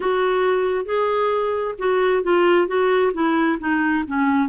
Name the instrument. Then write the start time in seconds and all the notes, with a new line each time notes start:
clarinet
0.00 F#4
0.85 G#4
1.78 F#4
2.23 F4
2.67 F#4
3.13 E4
3.59 D#4
4.07 C#4